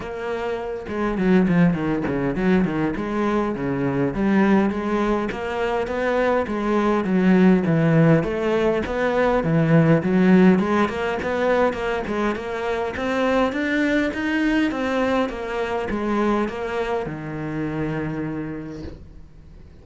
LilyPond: \new Staff \with { instrumentName = "cello" } { \time 4/4 \tempo 4 = 102 ais4. gis8 fis8 f8 dis8 cis8 | fis8 dis8 gis4 cis4 g4 | gis4 ais4 b4 gis4 | fis4 e4 a4 b4 |
e4 fis4 gis8 ais8 b4 | ais8 gis8 ais4 c'4 d'4 | dis'4 c'4 ais4 gis4 | ais4 dis2. | }